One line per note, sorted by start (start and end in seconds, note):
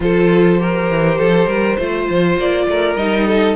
0.00 0.89 F3
0.00 0.58 F4
0.00 0.60 A4
0.00 2.38 C5
0.58 1.77 G4
0.58 1.17 A#4
0.89 1.19 E3
1.17 1.46 F3
1.17 1.47 A4
1.46 1.76 G3
1.46 1.76 A#4
1.76 2.08 A3
1.76 2.97 F4
1.76 2.65 C5
2.10 2.37 F3
2.37 2.67 A#3
2.37 2.96 D5
2.67 2.95 A3
2.67 3.26 A#4
2.95 3.54 G3
2.95 3.56 D#4
2.95 3.55 D#5
3.26 3.56 A4